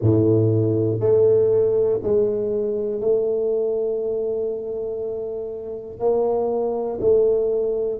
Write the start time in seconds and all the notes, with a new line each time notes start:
0.01 A2
1.00 A3
2.03 G#3
3.00 A3
5.99 A#3
7.00 A3